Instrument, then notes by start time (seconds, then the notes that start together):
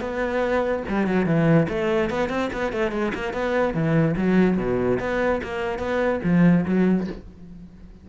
cello
0.00 B3
0.88 G3
1.06 F#3
1.26 E3
1.68 A3
2.10 B3
2.29 C4
2.53 B3
2.72 A3
2.91 G#3
3.14 A#3
3.33 B3
3.74 E3
4.17 F#3
4.57 B2
4.99 B3
5.43 A#3
5.79 B3
6.24 F3
6.65 F#3